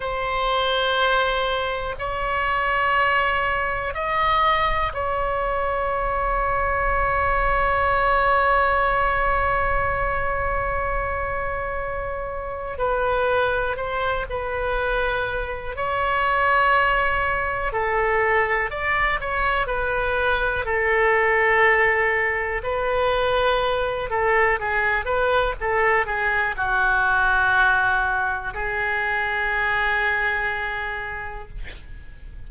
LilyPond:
\new Staff \with { instrumentName = "oboe" } { \time 4/4 \tempo 4 = 61 c''2 cis''2 | dis''4 cis''2.~ | cis''1~ | cis''4 b'4 c''8 b'4. |
cis''2 a'4 d''8 cis''8 | b'4 a'2 b'4~ | b'8 a'8 gis'8 b'8 a'8 gis'8 fis'4~ | fis'4 gis'2. | }